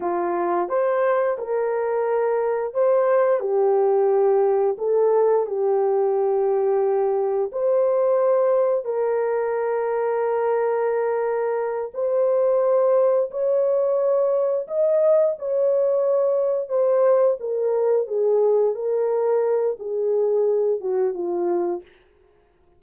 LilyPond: \new Staff \with { instrumentName = "horn" } { \time 4/4 \tempo 4 = 88 f'4 c''4 ais'2 | c''4 g'2 a'4 | g'2. c''4~ | c''4 ais'2.~ |
ais'4. c''2 cis''8~ | cis''4. dis''4 cis''4.~ | cis''8 c''4 ais'4 gis'4 ais'8~ | ais'4 gis'4. fis'8 f'4 | }